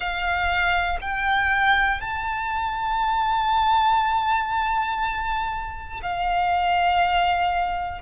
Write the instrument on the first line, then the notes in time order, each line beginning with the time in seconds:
violin
0.00 F5
1.00 G5
2.00 A5
6.02 F5